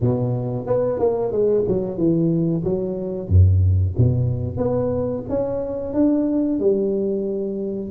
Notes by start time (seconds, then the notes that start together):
0.01 B2
0.66 B3
0.99 A#3
1.31 G#3
1.67 F#3
1.98 E3
2.64 F#3
3.28 F#2
3.97 B2
4.57 B3
5.29 C#4
5.93 D4
6.59 G3